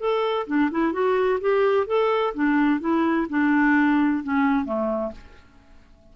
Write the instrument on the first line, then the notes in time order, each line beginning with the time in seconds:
clarinet
0.00 A4
0.47 D4
0.71 E4
0.93 F#4
1.41 G4
1.87 A4
2.34 D4
2.80 E4
3.30 D4
4.24 C#4
4.65 A3